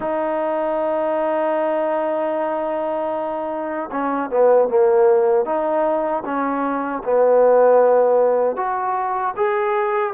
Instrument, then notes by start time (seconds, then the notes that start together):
trombone
0.00 D#4
3.91 C#4
4.30 B3
4.68 A#3
5.45 D#4
6.25 C#4
7.03 B3
8.56 F#4
9.36 G#4